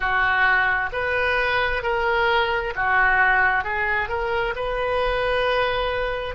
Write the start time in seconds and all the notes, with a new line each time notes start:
0.00 F#4
0.92 B4
1.82 A#4
2.75 F#4
3.64 G#4
4.09 A#4
4.55 B4